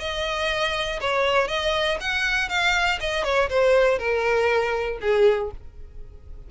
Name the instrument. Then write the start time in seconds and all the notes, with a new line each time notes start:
violin
0.00 D#5
1.01 C#5
1.48 D#5
2.01 F#5
2.49 F5
3.01 D#5
3.25 C#5
3.50 C5
3.99 A#4
5.02 G#4